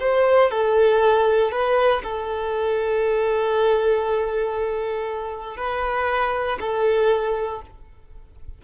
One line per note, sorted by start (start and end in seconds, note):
0.00 0.51 C5
0.51 1.52 A4
1.52 2.02 B4
2.03 5.57 A4
5.57 6.59 B4
6.60 7.62 A4